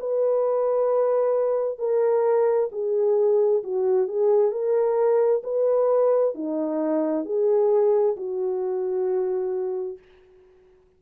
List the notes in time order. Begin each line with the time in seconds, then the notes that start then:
0.00 B4
1.79 A#4
2.72 G#4
3.64 F#4
4.08 G#4
4.52 A#4
5.44 B4
6.35 D#4
7.25 G#4
8.17 F#4